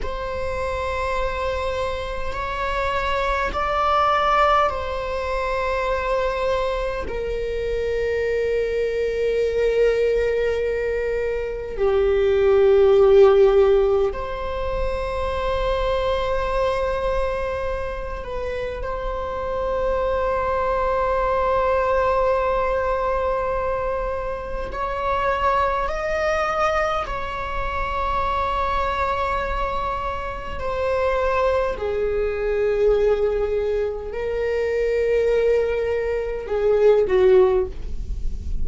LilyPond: \new Staff \with { instrumentName = "viola" } { \time 4/4 \tempo 4 = 51 c''2 cis''4 d''4 | c''2 ais'2~ | ais'2 g'2 | c''2.~ c''8 b'8 |
c''1~ | c''4 cis''4 dis''4 cis''4~ | cis''2 c''4 gis'4~ | gis'4 ais'2 gis'8 fis'8 | }